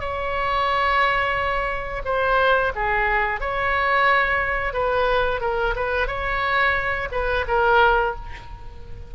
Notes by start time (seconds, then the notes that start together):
0.00 C#5
2.05 C5
2.75 G#4
3.40 C#5
4.73 B4
5.41 A#4
5.75 B4
6.07 C#5
7.11 B4
7.47 A#4